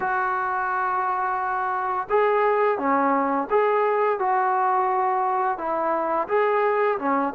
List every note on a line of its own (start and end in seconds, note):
0.00 2.07 F#4
2.09 2.78 G#4
2.78 3.48 C#4
3.49 4.19 G#4
4.19 5.58 F#4
5.58 6.27 E4
6.28 6.98 G#4
6.98 7.33 C#4